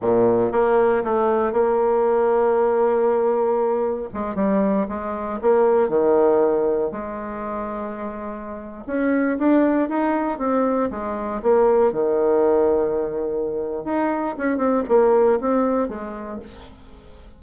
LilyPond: \new Staff \with { instrumentName = "bassoon" } { \time 4/4 \tempo 4 = 117 ais,4 ais4 a4 ais4~ | ais1 | gis8 g4 gis4 ais4 dis8~ | dis4. gis2~ gis8~ |
gis4~ gis16 cis'4 d'4 dis'8.~ | dis'16 c'4 gis4 ais4 dis8.~ | dis2. dis'4 | cis'8 c'8 ais4 c'4 gis4 | }